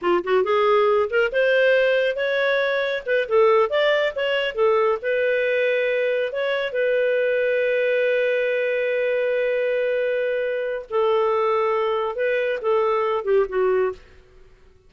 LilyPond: \new Staff \with { instrumentName = "clarinet" } { \time 4/4 \tempo 4 = 138 f'8 fis'8 gis'4. ais'8 c''4~ | c''4 cis''2 b'8 a'8~ | a'8 d''4 cis''4 a'4 b'8~ | b'2~ b'8 cis''4 b'8~ |
b'1~ | b'1~ | b'4 a'2. | b'4 a'4. g'8 fis'4 | }